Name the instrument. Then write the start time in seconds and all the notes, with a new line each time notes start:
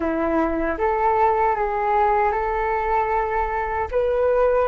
flute
0.00 E4
0.78 A4
1.55 G#4
2.32 A4
3.91 B4